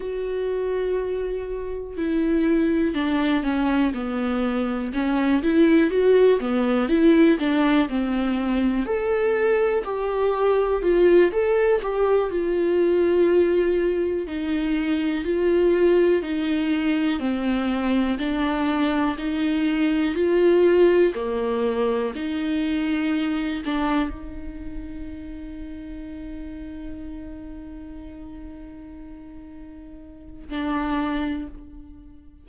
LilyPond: \new Staff \with { instrumentName = "viola" } { \time 4/4 \tempo 4 = 61 fis'2 e'4 d'8 cis'8 | b4 cis'8 e'8 fis'8 b8 e'8 d'8 | c'4 a'4 g'4 f'8 a'8 | g'8 f'2 dis'4 f'8~ |
f'8 dis'4 c'4 d'4 dis'8~ | dis'8 f'4 ais4 dis'4. | d'8 dis'2.~ dis'8~ | dis'2. d'4 | }